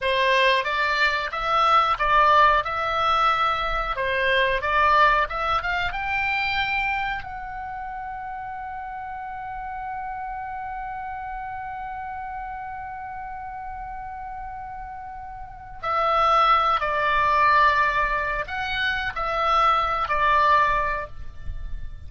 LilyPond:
\new Staff \with { instrumentName = "oboe" } { \time 4/4 \tempo 4 = 91 c''4 d''4 e''4 d''4 | e''2 c''4 d''4 | e''8 f''8 g''2 fis''4~ | fis''1~ |
fis''1~ | fis''1 | e''4. d''2~ d''8 | fis''4 e''4. d''4. | }